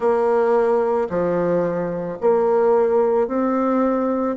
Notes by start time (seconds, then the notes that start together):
0.00 A#3
1.09 F3
2.21 A#3
3.27 C4